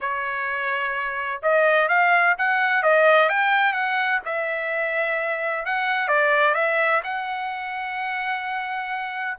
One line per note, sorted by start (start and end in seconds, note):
0.00 1.41 C#5
1.42 1.88 D#5
1.88 2.35 F5
2.38 2.83 F#5
2.83 3.29 D#5
3.29 3.73 G5
3.73 4.20 F#5
4.25 5.65 E5
5.65 6.08 F#5
6.08 6.54 D5
6.54 7.01 E5
7.03 9.37 F#5